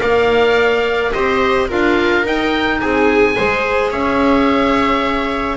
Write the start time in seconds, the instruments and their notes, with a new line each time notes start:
0.00 double bass A#3, clarinet A#4, viola D5, oboe F5
1.12 double bass C4, clarinet G4, viola C5, oboe D#5
1.68 double bass D4, clarinet F4, viola A#4, oboe F5
2.24 clarinet D#4, double bass D#4, oboe G5
2.81 double bass C4, viola G#4, oboe G#5
3.36 double bass G#3, clarinet G#4, viola C5
3.91 double bass C#4, viola C#5, oboe E5